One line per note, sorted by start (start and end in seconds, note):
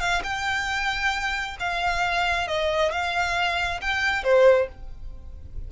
0.00 0.22 F5
0.24 1.57 G5
1.60 2.48 F5
2.48 2.92 D#5
2.92 3.81 F5
3.81 4.23 G5
4.23 4.68 C5